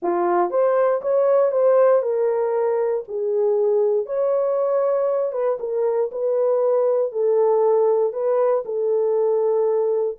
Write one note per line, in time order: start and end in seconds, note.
0.02 0.50 F4
0.50 1.01 C5
1.01 1.51 C#5
1.51 2.02 C5
2.02 3.03 A#4
3.08 4.06 G#4
4.06 5.32 C#5
5.32 5.57 B4
5.59 6.10 A#4
6.11 7.12 B4
7.12 8.12 A4
8.12 8.63 B4
8.65 10.17 A4